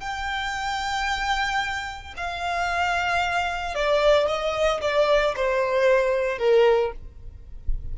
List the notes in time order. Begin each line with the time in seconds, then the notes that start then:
0.00 G5
2.17 F5
3.75 D5
4.27 D#5
4.81 D5
5.36 C5
6.39 A#4